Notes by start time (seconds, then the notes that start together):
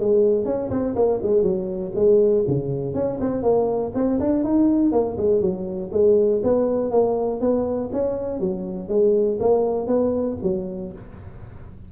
0.00 G#3
0.45 C#4
0.70 C4
0.96 A#3
1.23 G#3
1.42 F#3
1.95 G#3
2.47 C#3
2.94 C#4
3.20 C4
3.43 A#3
3.95 C4
4.20 D4
4.44 D#4
4.92 A#3
5.18 G#3
5.41 F#3
5.92 G#3
6.43 B3
6.91 A#3
7.41 B3
7.92 C#4
8.40 F#3
8.88 G#3
9.40 A#3
9.87 B3
10.42 F#3